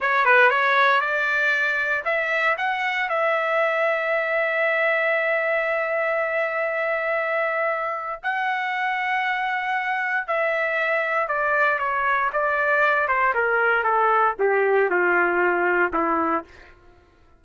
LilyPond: \new Staff \with { instrumentName = "trumpet" } { \time 4/4 \tempo 4 = 117 cis''8 b'8 cis''4 d''2 | e''4 fis''4 e''2~ | e''1~ | e''1 |
fis''1 | e''2 d''4 cis''4 | d''4. c''8 ais'4 a'4 | g'4 f'2 e'4 | }